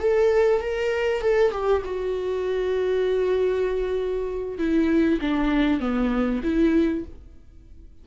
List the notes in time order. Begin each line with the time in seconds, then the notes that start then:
0.00 A4
0.62 A#4
1.22 A4
1.52 G4
1.85 F#4
4.59 E4
5.22 D4
5.81 B3
6.44 E4